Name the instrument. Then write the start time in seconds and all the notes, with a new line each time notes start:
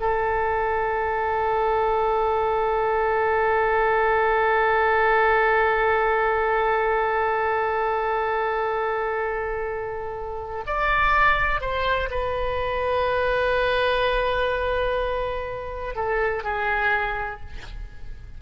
oboe
0.00 A4
10.67 D5
11.61 C5
12.11 B4
15.95 A4
16.44 G#4